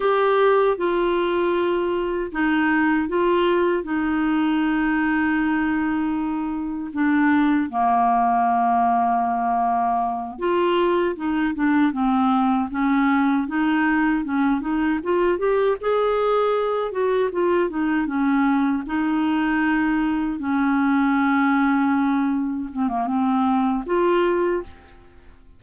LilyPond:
\new Staff \with { instrumentName = "clarinet" } { \time 4/4 \tempo 4 = 78 g'4 f'2 dis'4 | f'4 dis'2.~ | dis'4 d'4 ais2~ | ais4. f'4 dis'8 d'8 c'8~ |
c'8 cis'4 dis'4 cis'8 dis'8 f'8 | g'8 gis'4. fis'8 f'8 dis'8 cis'8~ | cis'8 dis'2 cis'4.~ | cis'4. c'16 ais16 c'4 f'4 | }